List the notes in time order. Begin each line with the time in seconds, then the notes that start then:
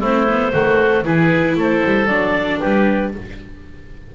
0.00 A3 C4 E4 C5
0.29 B3
0.53 D#3 A3 F#4
1.05 E3 E4 G#4 B4
1.56 A3 A4 C5
1.85 G3
2.07 F#3 D4 D5
2.60 G3 G4 B4